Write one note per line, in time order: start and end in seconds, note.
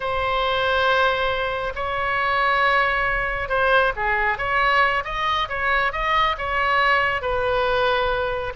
0.00 1.73 C5
1.75 3.48 C#5
3.48 3.92 C5
3.96 4.38 G#4
4.38 5.03 C#5
5.04 5.48 D#5
5.48 5.92 C#5
5.92 6.36 D#5
6.37 7.21 C#5
7.21 8.53 B4